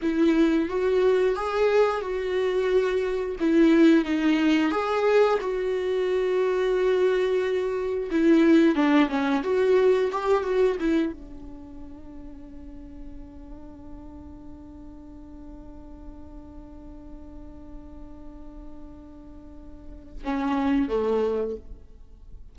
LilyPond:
\new Staff \with { instrumentName = "viola" } { \time 4/4 \tempo 4 = 89 e'4 fis'4 gis'4 fis'4~ | fis'4 e'4 dis'4 gis'4 | fis'1 | e'4 d'8 cis'8 fis'4 g'8 fis'8 |
e'8 d'2.~ d'8~ | d'1~ | d'1~ | d'2 cis'4 a4 | }